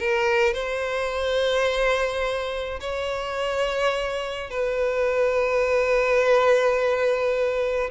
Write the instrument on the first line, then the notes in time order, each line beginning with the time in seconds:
violin
0.00 A#4
0.54 C5
2.81 C#5
4.51 B4